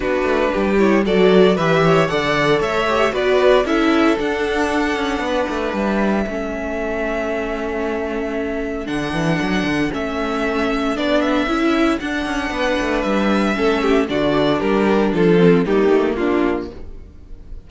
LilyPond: <<
  \new Staff \with { instrumentName = "violin" } { \time 4/4 \tempo 4 = 115 b'4. cis''8 d''4 e''4 | fis''4 e''4 d''4 e''4 | fis''2. e''4~ | e''1~ |
e''4 fis''2 e''4~ | e''4 d''8 e''4. fis''4~ | fis''4 e''2 d''4 | ais'4 a'4 g'4 f'4 | }
  \new Staff \with { instrumentName = "violin" } { \time 4/4 fis'4 g'4 a'4 b'8 cis''8 | d''4 cis''4 b'4 a'4~ | a'2 b'2 | a'1~ |
a'1~ | a'1 | b'2 a'8 g'8 fis'4 | g'4 f'4 dis'4 d'4 | }
  \new Staff \with { instrumentName = "viola" } { \time 4/4 d'4. e'8 fis'4 g'4 | a'4. g'8 fis'4 e'4 | d'1 | cis'1~ |
cis'4 d'2 cis'4~ | cis'4 d'4 e'4 d'4~ | d'2 cis'4 d'4~ | d'4. c'8 ais2 | }
  \new Staff \with { instrumentName = "cello" } { \time 4/4 b8 a8 g4 fis4 e4 | d4 a4 b4 cis'4 | d'4. cis'8 b8 a8 g4 | a1~ |
a4 d8 e8 fis8 d8 a4~ | a4 b4 cis'4 d'8 cis'8 | b8 a8 g4 a4 d4 | g4 f4 g8 a8 ais4 | }
>>